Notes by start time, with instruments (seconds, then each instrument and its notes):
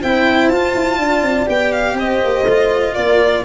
0.00 tuba C4, cello E4, horn C5, violin G5
0.48 tuba F4, cello F4, violin A5
0.74 tuba E4
0.97 tuba D4, horn D5
1.21 tuba C4
1.46 tuba B3, cello G4, violin G5
1.72 violin F5
1.93 tuba C4, horn C5, violin D#5
2.24 tuba A#3
2.44 tuba A3, cello F4
2.94 tuba A#3, horn A#4, violin D5